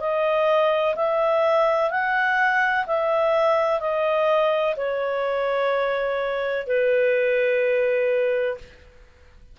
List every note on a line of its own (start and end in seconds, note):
0.00 0.95 D#5
0.96 1.90 E5
1.90 2.86 F#5
2.87 3.80 E5
3.80 4.75 D#5
4.77 6.67 C#5
6.67 8.58 B4